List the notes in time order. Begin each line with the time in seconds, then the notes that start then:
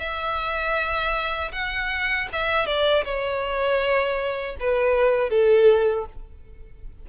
0.00 E5
1.53 F#5
2.33 E5
2.67 D5
3.05 C#5
4.60 B4
5.30 A4